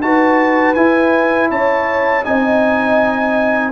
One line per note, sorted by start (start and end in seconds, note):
0.00 0.75 D#4
0.00 0.76 F#4
0.00 1.50 B4
0.00 0.74 A5
0.74 1.51 E4
0.74 2.23 E4
0.74 1.49 G#5
1.50 2.26 C#4
1.50 2.25 C#5
1.50 2.25 A5
2.23 3.72 C4
2.23 3.72 D#4
2.23 3.72 D#5
2.23 3.72 G#5